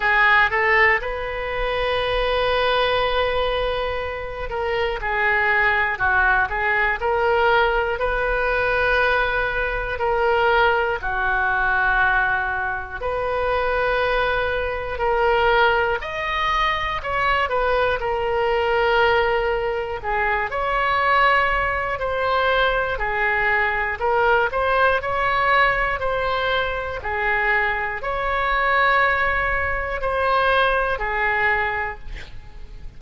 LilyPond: \new Staff \with { instrumentName = "oboe" } { \time 4/4 \tempo 4 = 60 gis'8 a'8 b'2.~ | b'8 ais'8 gis'4 fis'8 gis'8 ais'4 | b'2 ais'4 fis'4~ | fis'4 b'2 ais'4 |
dis''4 cis''8 b'8 ais'2 | gis'8 cis''4. c''4 gis'4 | ais'8 c''8 cis''4 c''4 gis'4 | cis''2 c''4 gis'4 | }